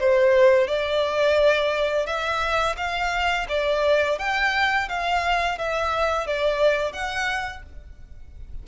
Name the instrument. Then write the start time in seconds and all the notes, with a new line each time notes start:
violin
0.00 C5
0.68 D5
2.06 E5
2.77 F5
3.49 D5
4.19 G5
4.89 F5
5.58 E5
6.27 D5
6.93 F#5